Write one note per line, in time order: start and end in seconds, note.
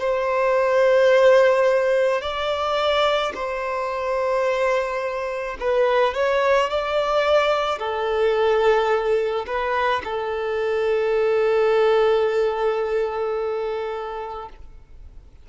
0.00 2.22 C5
2.22 3.33 D5
3.35 5.58 C5
5.60 6.15 B4
6.15 6.70 C#5
6.70 7.79 D5
7.79 9.46 A4
9.47 10.03 B4
10.05 14.49 A4